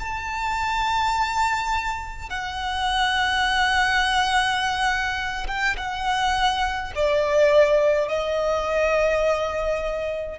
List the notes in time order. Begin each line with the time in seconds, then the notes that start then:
0.00 A5
2.30 F#5
5.48 G5
5.77 F#5
6.95 D5
8.08 D#5